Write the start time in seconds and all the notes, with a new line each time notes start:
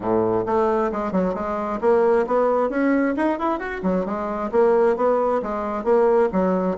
0.00 A2
0.46 A3
0.92 G#3
1.12 F#3
1.34 G#3
1.80 A#3
2.27 B3
2.69 C#4
3.16 D#4
3.38 E4
3.59 F#4
3.82 F#3
4.05 G#3
4.51 A#3
4.96 B3
5.42 G#3
5.84 A#3
6.32 F#3